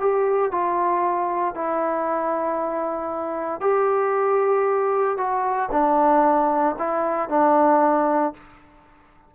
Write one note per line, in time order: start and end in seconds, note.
0.00 0.52 G4
0.52 1.55 F4
1.55 3.61 E4
3.61 5.17 G4
5.17 5.70 F#4
5.72 6.76 D4
6.79 7.29 E4
7.29 8.34 D4